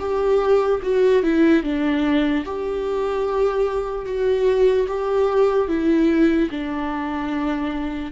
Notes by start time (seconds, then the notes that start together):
0.00 G4
0.83 F#4
1.23 E4
1.64 D4
2.45 G4
4.06 F#4
4.88 G4
5.68 E4
6.51 D4